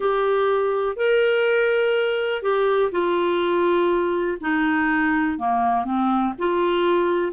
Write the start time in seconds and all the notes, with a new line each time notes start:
0.00 G4
0.96 A#4
2.42 G4
2.91 F4
4.40 D#4
5.38 A#3
5.84 C4
6.38 F4